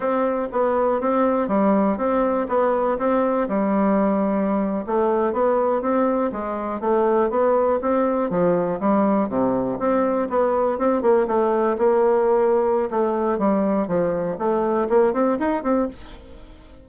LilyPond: \new Staff \with { instrumentName = "bassoon" } { \time 4/4 \tempo 4 = 121 c'4 b4 c'4 g4 | c'4 b4 c'4 g4~ | g4.~ g16 a4 b4 c'16~ | c'8. gis4 a4 b4 c'16~ |
c'8. f4 g4 c4 c'16~ | c'8. b4 c'8 ais8 a4 ais16~ | ais2 a4 g4 | f4 a4 ais8 c'8 dis'8 c'8 | }